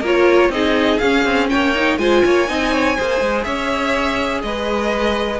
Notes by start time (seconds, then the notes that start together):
0.00 A#3 F4 A#4 C#5
0.49 C4 D#4 G#4 D#5
0.98 C#4 F5
1.24 C4
1.49 A#3 C#5 G5
1.74 D#4
1.97 G#3 F4 C5 G#5
2.24 A#3 C#5
2.47 C4 D#4 D#5
2.72 C#5
2.96 A#3 G#4 C5
3.20 G#3
3.43 C#4 C#5 E5
4.42 G#3 B4 D#5